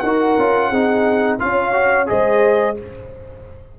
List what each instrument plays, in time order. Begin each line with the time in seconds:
0.00 tuba D#4, trombone F#4, horn A#4, trumpet F#5
0.39 tuba C#4, trombone F4
0.70 tuba C4, trombone D#4, horn G#4
1.39 tuba C#4, trombone F4, horn C#5, trumpet F5
1.73 trombone F#4
2.07 tuba G#3, trombone G#4, horn C5, trumpet D#5